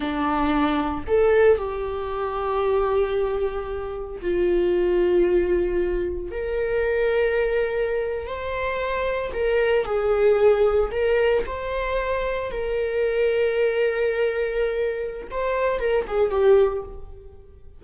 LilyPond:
\new Staff \with { instrumentName = "viola" } { \time 4/4 \tempo 4 = 114 d'2 a'4 g'4~ | g'1 | f'1 | ais'2.~ ais'8. c''16~ |
c''4.~ c''16 ais'4 gis'4~ gis'16~ | gis'8. ais'4 c''2 ais'16~ | ais'1~ | ais'4 c''4 ais'8 gis'8 g'4 | }